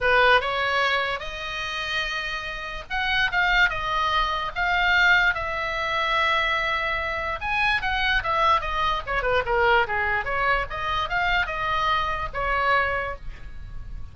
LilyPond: \new Staff \with { instrumentName = "oboe" } { \time 4/4 \tempo 4 = 146 b'4 cis''2 dis''4~ | dis''2. fis''4 | f''4 dis''2 f''4~ | f''4 e''2.~ |
e''2 gis''4 fis''4 | e''4 dis''4 cis''8 b'8 ais'4 | gis'4 cis''4 dis''4 f''4 | dis''2 cis''2 | }